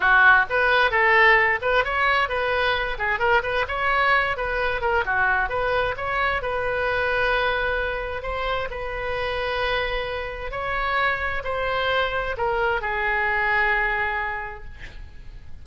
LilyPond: \new Staff \with { instrumentName = "oboe" } { \time 4/4 \tempo 4 = 131 fis'4 b'4 a'4. b'8 | cis''4 b'4. gis'8 ais'8 b'8 | cis''4. b'4 ais'8 fis'4 | b'4 cis''4 b'2~ |
b'2 c''4 b'4~ | b'2. cis''4~ | cis''4 c''2 ais'4 | gis'1 | }